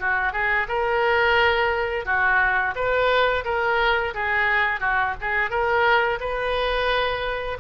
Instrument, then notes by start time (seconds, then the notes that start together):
oboe
0.00 F#4
0.33 G#4
0.68 A#4
2.06 F#4
2.76 B4
3.45 A#4
4.14 G#4
4.80 F#4
5.21 G#4
5.50 A#4
6.20 B4